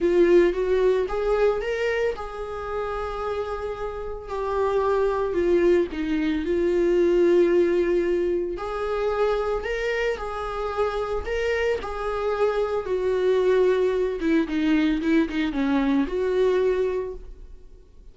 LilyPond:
\new Staff \with { instrumentName = "viola" } { \time 4/4 \tempo 4 = 112 f'4 fis'4 gis'4 ais'4 | gis'1 | g'2 f'4 dis'4 | f'1 |
gis'2 ais'4 gis'4~ | gis'4 ais'4 gis'2 | fis'2~ fis'8 e'8 dis'4 | e'8 dis'8 cis'4 fis'2 | }